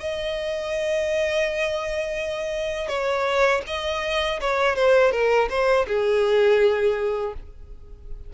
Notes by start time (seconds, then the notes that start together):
0.00 D#5
2.88 C#5
3.67 D#5
4.40 C#5
4.75 C5
5.12 A#4
5.49 C5
5.87 G#4